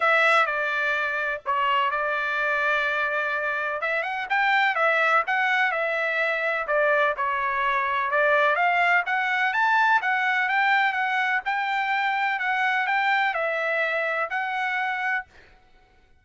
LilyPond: \new Staff \with { instrumentName = "trumpet" } { \time 4/4 \tempo 4 = 126 e''4 d''2 cis''4 | d''1 | e''8 fis''8 g''4 e''4 fis''4 | e''2 d''4 cis''4~ |
cis''4 d''4 f''4 fis''4 | a''4 fis''4 g''4 fis''4 | g''2 fis''4 g''4 | e''2 fis''2 | }